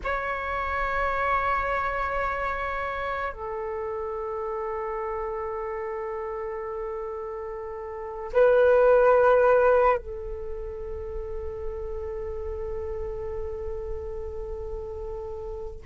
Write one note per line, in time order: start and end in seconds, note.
0.03 3.33 C#5
3.33 8.33 A4
8.33 9.97 B4
9.97 15.81 A4